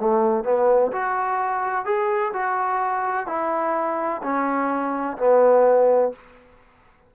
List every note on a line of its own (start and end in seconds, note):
0.00 0.44 A3
0.44 0.92 B3
0.92 1.86 F#4
1.86 2.33 G#4
2.33 3.27 F#4
3.27 4.22 E4
4.23 5.18 C#4
5.18 6.12 B3